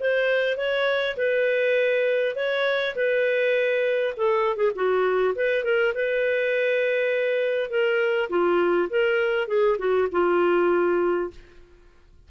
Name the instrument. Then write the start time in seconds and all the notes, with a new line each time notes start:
clarinet
0.00 C5
0.57 C#5
1.17 B4
2.36 C#5
2.96 B4
4.17 A4
4.56 G#4
4.75 F#4
5.35 B4
5.64 A#4
5.94 B4
7.70 A#4
8.30 F4
8.90 A#4
9.48 G#4
9.78 F#4
10.12 F4